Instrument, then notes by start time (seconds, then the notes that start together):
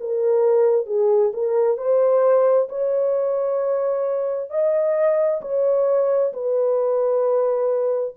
horn
0.00 A#4
0.86 G#4
1.33 A#4
1.77 C5
2.69 C#5
4.50 D#5
5.41 C#5
6.33 B4